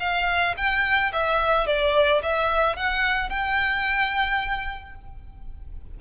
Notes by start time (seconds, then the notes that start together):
0.00 F5
0.57 G5
1.13 E5
1.67 D5
2.22 E5
2.76 F#5
3.30 G5